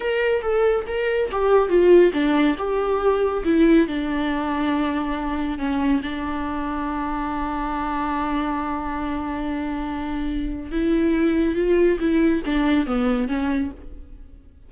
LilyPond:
\new Staff \with { instrumentName = "viola" } { \time 4/4 \tempo 4 = 140 ais'4 a'4 ais'4 g'4 | f'4 d'4 g'2 | e'4 d'2.~ | d'4 cis'4 d'2~ |
d'1~ | d'1~ | d'4 e'2 f'4 | e'4 d'4 b4 cis'4 | }